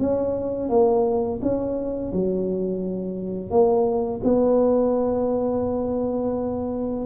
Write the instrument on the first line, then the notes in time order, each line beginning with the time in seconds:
tuba
0.00 C#4
0.70 A#3
1.42 C#4
2.13 F#3
3.51 A#3
4.24 B3